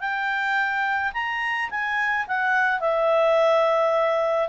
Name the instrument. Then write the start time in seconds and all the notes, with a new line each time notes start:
clarinet
0.00 G5
1.13 A#5
1.70 G#5
2.28 F#5
2.80 E5